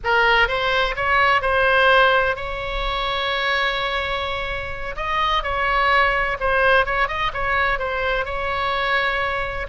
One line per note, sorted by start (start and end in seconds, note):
0.03 0.48 A#4
0.48 0.95 C5
0.96 1.41 C#5
1.41 2.35 C5
2.35 4.95 C#5
4.96 5.43 D#5
5.43 6.37 C#5
6.40 6.85 C5
6.85 7.08 C#5
7.08 7.31 D#5
7.33 7.78 C#5
7.78 8.25 C5
8.25 9.66 C#5